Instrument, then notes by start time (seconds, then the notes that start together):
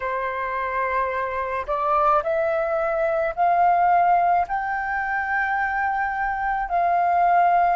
flute
0.00 C5
1.67 D5
2.23 E5
3.35 F5
4.47 G5
6.69 F5